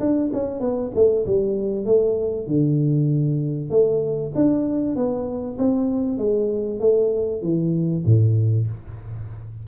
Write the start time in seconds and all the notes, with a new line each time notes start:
0.00 D4
0.33 C#4
0.61 B3
0.95 A3
1.27 G3
1.86 A3
2.47 D3
3.71 A3
4.35 D4
4.96 B3
5.58 C4
6.18 G#3
6.80 A3
7.42 E3
8.06 A2